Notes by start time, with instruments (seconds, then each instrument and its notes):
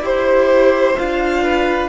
0.00 cello E4, viola G4, violin C5
0.96 cello D4, viola F4, violin F5
1.44 violin B4